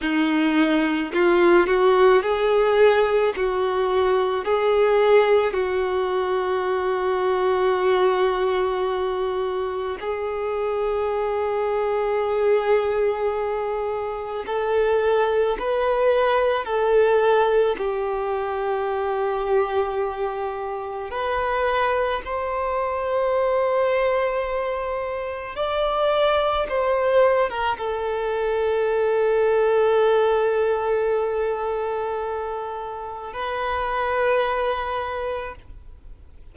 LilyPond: \new Staff \with { instrumentName = "violin" } { \time 4/4 \tempo 4 = 54 dis'4 f'8 fis'8 gis'4 fis'4 | gis'4 fis'2.~ | fis'4 gis'2.~ | gis'4 a'4 b'4 a'4 |
g'2. b'4 | c''2. d''4 | c''8. ais'16 a'2.~ | a'2 b'2 | }